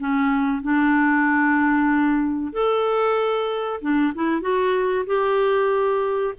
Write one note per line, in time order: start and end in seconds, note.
0.00 0.63 C#4
0.63 2.53 D4
2.53 3.81 A4
3.82 4.14 D4
4.15 4.42 E4
4.42 5.06 F#4
5.07 6.34 G4